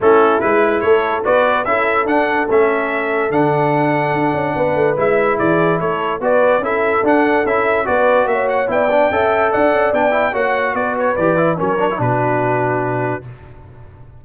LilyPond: <<
  \new Staff \with { instrumentName = "trumpet" } { \time 4/4 \tempo 4 = 145 a'4 b'4 cis''4 d''4 | e''4 fis''4 e''2 | fis''1 | e''4 d''4 cis''4 d''4 |
e''4 fis''4 e''4 d''4 | e''8 fis''8 g''2 fis''4 | g''4 fis''4 d''8 cis''8 d''4 | cis''4 b'2. | }
  \new Staff \with { instrumentName = "horn" } { \time 4/4 e'2 a'4 b'4 | a'1~ | a'2. b'4~ | b'4 gis'4 a'4 b'4 |
a'2. b'4 | cis''4 d''4 e''4 d''4~ | d''4 cis''4 b'2 | ais'4 fis'2. | }
  \new Staff \with { instrumentName = "trombone" } { \time 4/4 cis'4 e'2 fis'4 | e'4 d'4 cis'2 | d'1 | e'2. fis'4 |
e'4 d'4 e'4 fis'4~ | fis'4 e'8 d'8 a'2 | d'8 e'8 fis'2 g'8 e'8 | cis'8 d'16 e'16 d'2. | }
  \new Staff \with { instrumentName = "tuba" } { \time 4/4 a4 gis4 a4 b4 | cis'4 d'4 a2 | d2 d'8 cis'8 b8 a8 | gis4 e4 a4 b4 |
cis'4 d'4 cis'4 b4 | ais4 b4 cis'4 d'8 cis'8 | b4 ais4 b4 e4 | fis4 b,2. | }
>>